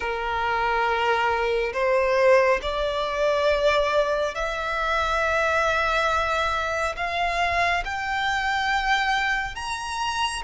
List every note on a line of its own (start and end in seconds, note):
0.00 1.72 A#4
1.73 2.60 C5
2.62 4.34 D5
4.34 6.95 E5
6.96 7.83 F5
7.85 9.55 G5
9.55 10.42 A#5